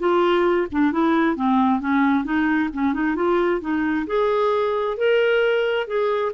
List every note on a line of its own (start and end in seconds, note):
0.00 0.68 F4
0.72 0.92 D4
0.92 1.36 E4
1.36 1.81 C4
1.81 2.25 C#4
2.25 2.70 D#4
2.74 2.94 C#4
2.94 3.16 D#4
3.16 3.61 F4
3.61 4.06 D#4
4.07 4.97 G#4
4.97 5.87 A#4
5.87 6.33 G#4